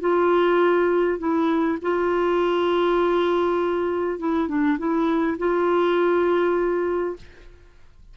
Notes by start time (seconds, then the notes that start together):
0.00 F4
1.19 E4
1.81 F4
4.19 E4
4.48 D4
4.78 E4
5.38 F4